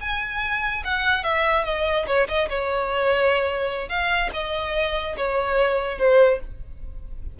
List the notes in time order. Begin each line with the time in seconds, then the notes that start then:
0.00 G#5
0.84 F#5
1.23 E5
1.64 D#5
2.07 C#5
2.28 D#5
2.49 C#5
3.89 F5
4.33 D#5
5.16 C#5
5.98 C5